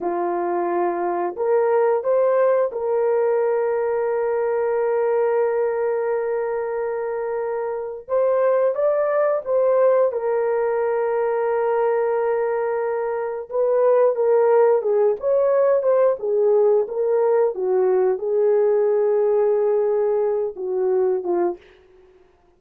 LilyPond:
\new Staff \with { instrumentName = "horn" } { \time 4/4 \tempo 4 = 89 f'2 ais'4 c''4 | ais'1~ | ais'1 | c''4 d''4 c''4 ais'4~ |
ais'1 | b'4 ais'4 gis'8 cis''4 c''8 | gis'4 ais'4 fis'4 gis'4~ | gis'2~ gis'8 fis'4 f'8 | }